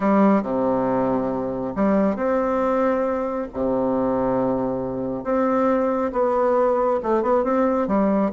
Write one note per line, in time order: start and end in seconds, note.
0.00 0.42 G3
0.42 1.74 C3
1.75 2.16 G3
2.16 3.47 C4
3.53 5.24 C3
5.24 6.11 C4
6.12 7.00 B3
7.02 7.22 A3
7.22 7.44 B3
7.44 7.87 C4
7.87 8.31 G3